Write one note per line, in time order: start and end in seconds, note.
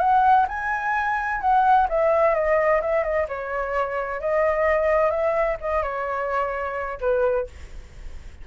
0.00 0.47 F#5
0.48 1.41 G#5
1.41 1.88 F#5
1.89 2.34 E5
2.34 2.81 D#5
2.81 3.03 E5
3.03 3.27 D#5
3.29 4.21 C#5
4.21 5.11 D#5
5.11 5.57 E5
5.61 5.83 D#5
5.83 6.99 C#5
7.01 7.47 B4